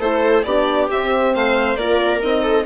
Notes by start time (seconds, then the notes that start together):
0.00 A3 E4 A4 C5
0.44 B3 D4 G4 D5
0.90 C4 E5
1.35 A3 C5 F5
1.76 A#3 F4 A#4 D5
2.20 C4 D#4 D#5
2.43 A4